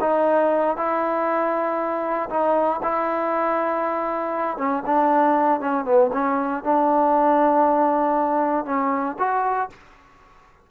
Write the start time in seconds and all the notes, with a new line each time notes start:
0.00 D#4
0.76 E4
2.29 D#4
2.83 E4
4.57 C#4
4.86 D4
5.60 C#4
5.85 B3
6.12 C#4
6.63 D4
8.65 C#4
9.18 F#4